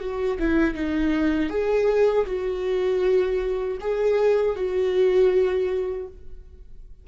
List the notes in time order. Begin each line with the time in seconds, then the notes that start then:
0.00 F#4
0.39 E4
0.74 D#4
1.49 G#4
2.26 F#4
3.80 G#4
4.55 F#4